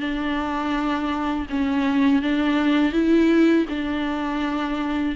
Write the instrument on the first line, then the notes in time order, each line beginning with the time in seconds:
viola
0.00 D4
1.49 C#4
2.22 D4
2.92 E4
3.69 D4